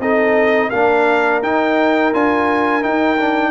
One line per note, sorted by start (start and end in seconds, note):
0.00 0.71 C4
0.00 0.72 D#4
0.00 0.70 A4
0.00 0.71 D#5
0.70 1.42 A#3
0.70 1.43 D4
0.70 3.51 A#4
0.70 1.41 F5
1.42 2.13 D#4
1.42 2.14 D#4
1.42 2.14 G5
2.14 2.84 D4
2.14 2.82 F4
2.14 2.84 G#5
2.82 3.18 D#4
2.82 3.51 D#4
2.82 3.51 G5
3.18 3.51 D4